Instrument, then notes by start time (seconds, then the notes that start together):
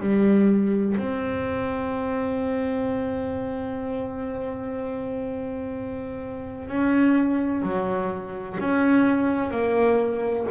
double bass
0.00 G3
0.97 C4
6.68 C#4
7.62 F#3
8.60 C#4
9.51 A#3